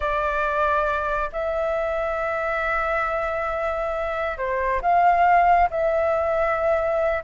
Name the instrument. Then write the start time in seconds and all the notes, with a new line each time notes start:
flute
0.00 D5
1.32 E5
4.37 C5
4.81 F5
5.70 E5